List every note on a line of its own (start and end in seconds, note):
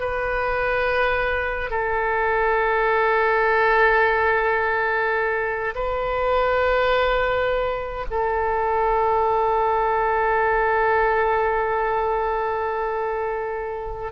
0.00 1.70 B4
1.70 5.74 A4
5.75 8.06 B4
8.11 14.12 A4